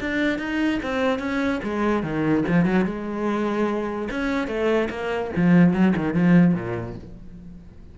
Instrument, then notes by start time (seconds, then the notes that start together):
cello
0.00 D4
0.39 D#4
0.82 C4
1.19 C#4
1.63 G#3
2.03 D#3
2.48 F3
2.65 F#3
2.85 G#3
4.11 C#4
4.47 A3
4.90 A#3
5.36 F3
5.73 F#3
5.96 D#3
6.14 F3
6.54 A#2